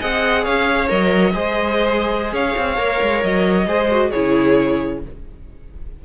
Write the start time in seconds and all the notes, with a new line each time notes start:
0.00 C4 G#4 D#5 F#5
0.44 C#4 C#5 F5
0.89 F#3 A#4 D#5
1.33 G#3 G#4 C5
2.33 C#4 C#5 F5
2.57 C4
2.77 A#3 A#4
3.02 G#3
3.24 F#3 D#5
3.67 G#3 G#4 C5
3.91 F#4
4.11 C#3 E4 G#4 C#5